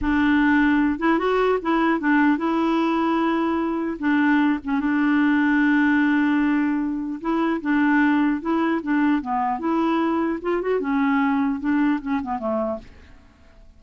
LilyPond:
\new Staff \with { instrumentName = "clarinet" } { \time 4/4 \tempo 4 = 150 d'2~ d'8 e'8 fis'4 | e'4 d'4 e'2~ | e'2 d'4. cis'8 | d'1~ |
d'2 e'4 d'4~ | d'4 e'4 d'4 b4 | e'2 f'8 fis'8 cis'4~ | cis'4 d'4 cis'8 b8 a4 | }